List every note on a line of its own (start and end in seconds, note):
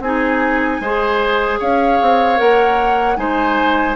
0.00 0.79 C4
0.00 0.83 D#4
0.00 0.81 G#4
0.00 1.60 G#5
0.80 1.59 G#3
0.80 2.36 G#4
0.80 1.59 C5
1.59 2.00 C#4
1.59 3.17 C#5
1.59 2.39 F5
2.01 2.40 C4
2.36 3.17 A#3
2.36 3.15 A#4
2.36 3.16 F#5
3.16 3.95 G#3
3.16 3.95 D#4
3.16 3.95 C5
3.16 3.95 G#5